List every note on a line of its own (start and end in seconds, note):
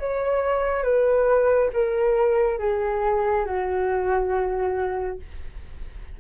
0.00 0.83 C#5
0.83 1.70 B4
1.73 2.59 A#4
2.59 3.46 G#4
3.46 5.20 F#4